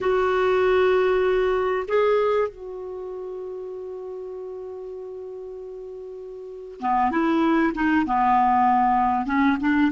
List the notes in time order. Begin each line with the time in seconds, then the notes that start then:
0.00 F#4
1.88 G#4
2.48 F#4
6.80 B3
7.11 E4
7.74 D#4
8.06 B3
9.26 C#4
9.60 D4